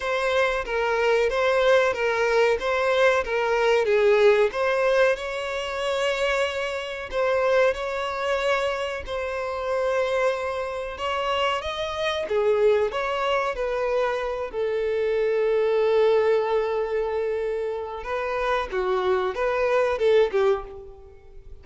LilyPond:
\new Staff \with { instrumentName = "violin" } { \time 4/4 \tempo 4 = 93 c''4 ais'4 c''4 ais'4 | c''4 ais'4 gis'4 c''4 | cis''2. c''4 | cis''2 c''2~ |
c''4 cis''4 dis''4 gis'4 | cis''4 b'4. a'4.~ | a'1 | b'4 fis'4 b'4 a'8 g'8 | }